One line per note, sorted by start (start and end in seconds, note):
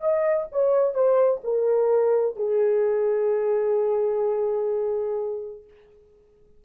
0.00 0.47 D#5
0.51 0.94 C#5
0.94 1.41 C5
1.43 2.36 A#4
2.36 5.64 G#4